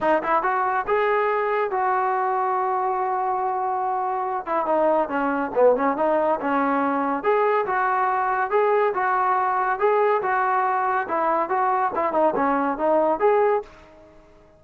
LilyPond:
\new Staff \with { instrumentName = "trombone" } { \time 4/4 \tempo 4 = 141 dis'8 e'8 fis'4 gis'2 | fis'1~ | fis'2~ fis'8 e'8 dis'4 | cis'4 b8 cis'8 dis'4 cis'4~ |
cis'4 gis'4 fis'2 | gis'4 fis'2 gis'4 | fis'2 e'4 fis'4 | e'8 dis'8 cis'4 dis'4 gis'4 | }